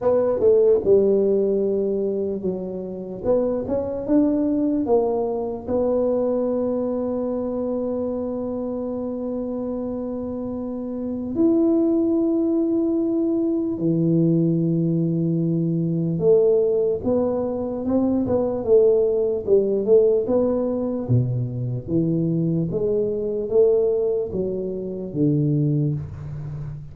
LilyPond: \new Staff \with { instrumentName = "tuba" } { \time 4/4 \tempo 4 = 74 b8 a8 g2 fis4 | b8 cis'8 d'4 ais4 b4~ | b1~ | b2 e'2~ |
e'4 e2. | a4 b4 c'8 b8 a4 | g8 a8 b4 b,4 e4 | gis4 a4 fis4 d4 | }